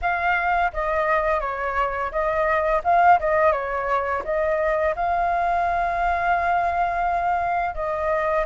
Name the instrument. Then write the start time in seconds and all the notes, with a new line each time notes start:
flute
0.01 F5
0.73 D#5
1.40 C#5
2.11 D#5
2.84 F5
3.19 D#5
3.52 C#5
4.24 D#5
4.95 F5
7.74 D#5